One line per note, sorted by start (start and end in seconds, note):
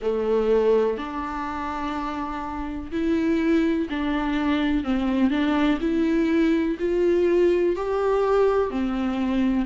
0.01 0.97 A3
0.97 2.91 D4
2.91 3.88 E4
3.89 4.83 D4
4.83 5.30 C4
5.30 5.78 D4
5.81 6.77 E4
6.79 7.76 F4
7.76 8.70 G4
8.70 9.65 C4